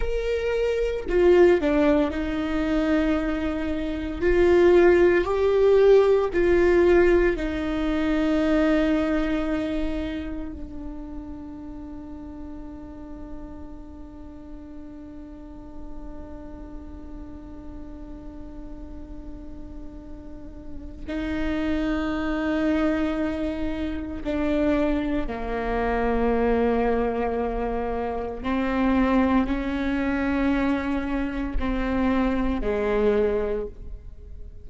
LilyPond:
\new Staff \with { instrumentName = "viola" } { \time 4/4 \tempo 4 = 57 ais'4 f'8 d'8 dis'2 | f'4 g'4 f'4 dis'4~ | dis'2 d'2~ | d'1~ |
d'1 | dis'2. d'4 | ais2. c'4 | cis'2 c'4 gis4 | }